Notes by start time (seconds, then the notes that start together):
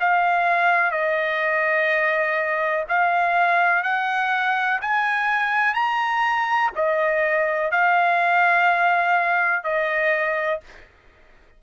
0.00 F5
0.91 D#5
2.89 F5
3.84 F#5
4.81 G#5
5.74 A#5
6.76 D#5
7.71 F5
9.64 D#5